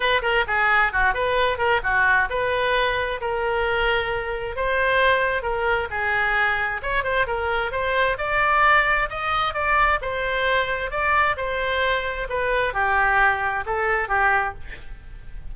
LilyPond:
\new Staff \with { instrumentName = "oboe" } { \time 4/4 \tempo 4 = 132 b'8 ais'8 gis'4 fis'8 b'4 ais'8 | fis'4 b'2 ais'4~ | ais'2 c''2 | ais'4 gis'2 cis''8 c''8 |
ais'4 c''4 d''2 | dis''4 d''4 c''2 | d''4 c''2 b'4 | g'2 a'4 g'4 | }